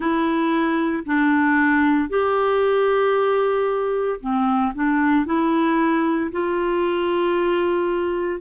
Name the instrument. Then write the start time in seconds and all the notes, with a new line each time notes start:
clarinet
0.00 E4
1.05 D4
2.09 G4
4.20 C4
4.75 D4
5.25 E4
6.32 F4